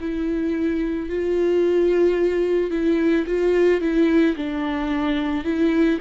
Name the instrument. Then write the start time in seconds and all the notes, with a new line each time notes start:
viola
0.00 E4
1.09 F4
2.71 E4
3.27 F4
3.81 E4
4.36 D4
5.44 E4